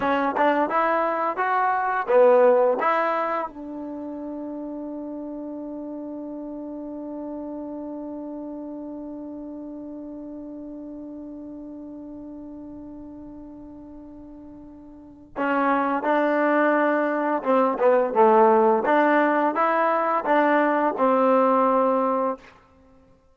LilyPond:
\new Staff \with { instrumentName = "trombone" } { \time 4/4 \tempo 4 = 86 cis'8 d'8 e'4 fis'4 b4 | e'4 d'2.~ | d'1~ | d'1~ |
d'1~ | d'2 cis'4 d'4~ | d'4 c'8 b8 a4 d'4 | e'4 d'4 c'2 | }